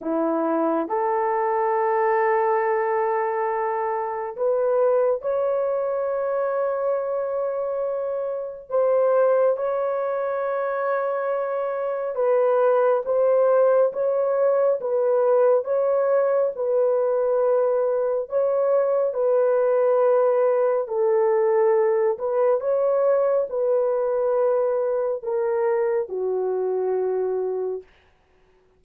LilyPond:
\new Staff \with { instrumentName = "horn" } { \time 4/4 \tempo 4 = 69 e'4 a'2.~ | a'4 b'4 cis''2~ | cis''2 c''4 cis''4~ | cis''2 b'4 c''4 |
cis''4 b'4 cis''4 b'4~ | b'4 cis''4 b'2 | a'4. b'8 cis''4 b'4~ | b'4 ais'4 fis'2 | }